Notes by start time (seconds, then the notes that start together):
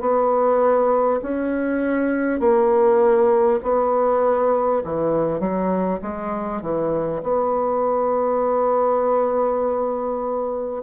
0.00 B3
1.22 C#4
2.39 A#3
3.62 B3
4.84 E3
5.39 F#3
6.02 G#3
6.62 E3
7.22 B3